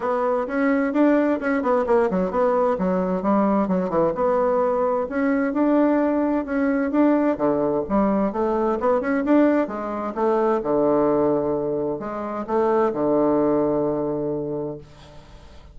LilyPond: \new Staff \with { instrumentName = "bassoon" } { \time 4/4 \tempo 4 = 130 b4 cis'4 d'4 cis'8 b8 | ais8 fis8 b4 fis4 g4 | fis8 e8 b2 cis'4 | d'2 cis'4 d'4 |
d4 g4 a4 b8 cis'8 | d'4 gis4 a4 d4~ | d2 gis4 a4 | d1 | }